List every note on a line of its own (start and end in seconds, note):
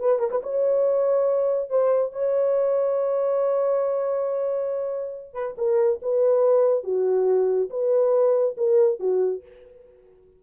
0.00 0.19 B4
0.19 0.30 A#4
0.31 0.42 B4
0.43 1.70 C#5
1.70 2.13 C5
2.13 5.34 C#5
5.34 5.55 B4
5.58 6.01 A#4
6.02 6.84 B4
6.84 7.70 F#4
7.70 8.56 B4
8.57 9.00 A#4
9.00 9.42 F#4